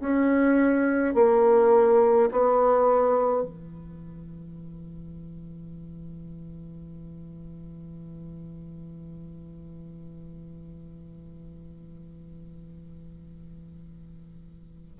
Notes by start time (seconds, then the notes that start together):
0.00 C#4
1.14 A#3
2.31 B3
3.42 E3